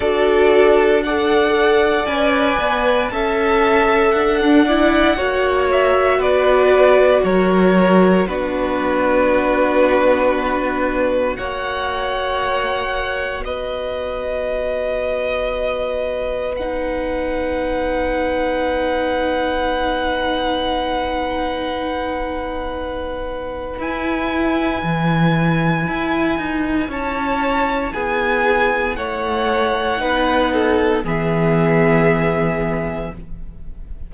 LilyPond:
<<
  \new Staff \with { instrumentName = "violin" } { \time 4/4 \tempo 4 = 58 d''4 fis''4 gis''4 a''4 | fis''4. e''8 d''4 cis''4 | b'2. fis''4~ | fis''4 dis''2. |
fis''1~ | fis''2. gis''4~ | gis''2 a''4 gis''4 | fis''2 e''2 | }
  \new Staff \with { instrumentName = "violin" } { \time 4/4 a'4 d''2 e''4~ | e''16 d'16 d''8 cis''4 b'4 ais'4 | fis'2. cis''4~ | cis''4 b'2.~ |
b'1~ | b'1~ | b'2 cis''4 gis'4 | cis''4 b'8 a'8 gis'2 | }
  \new Staff \with { instrumentName = "viola" } { \time 4/4 fis'4 a'4 b'4 a'4~ | a'8 e'8 fis'2. | d'2. fis'4~ | fis'1 |
dis'1~ | dis'2. e'4~ | e'1~ | e'4 dis'4 b2 | }
  \new Staff \with { instrumentName = "cello" } { \time 4/4 d'2 cis'8 b8 cis'4 | d'4 ais4 b4 fis4 | b2. ais4~ | ais4 b2.~ |
b1~ | b2. e'4 | e4 e'8 dis'8 cis'4 b4 | a4 b4 e2 | }
>>